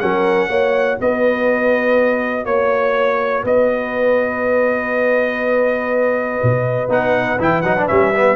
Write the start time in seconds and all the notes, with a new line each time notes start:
0.00 F#3 C#4 A#4 F#5
0.49 A#3 F#4 C#5
1.00 B3 B4 D#5
2.45 A#3 C#5
3.44 B3 B4 D#5
6.43 B2
6.89 B3 D#4 F#5
7.39 E3 E4 G5
7.62 F#3 D#4 F#5
7.77 D4
7.88 G3 C#4 E5
8.15 B3